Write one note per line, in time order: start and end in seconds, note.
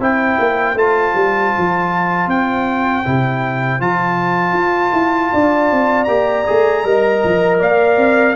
0.00 0.38 C4
0.00 0.76 E4
0.00 5.33 C5
0.00 0.78 G5
0.39 0.75 A#3
0.75 1.13 A3
0.75 3.05 F4
0.75 2.30 A5
1.15 1.53 G3
1.58 2.28 F3
2.28 3.03 C4
2.28 3.81 G5
3.05 3.80 C3
3.05 3.81 E4
3.80 4.53 F3
3.80 6.08 F4
3.80 6.05 A5
4.53 4.91 F4
4.93 5.31 E4
5.33 5.72 D4
5.33 6.84 D5
5.72 6.08 C4
6.05 6.46 A#3
6.05 6.46 G4
6.05 7.57 A#5
6.47 6.84 A3
6.47 6.84 G#4
6.84 7.22 G3
6.84 8.36 A#4
6.84 7.60 D#5
7.24 7.61 F3
7.60 7.97 A#3
7.60 8.36 D5
7.60 8.36 F5
7.97 8.35 C4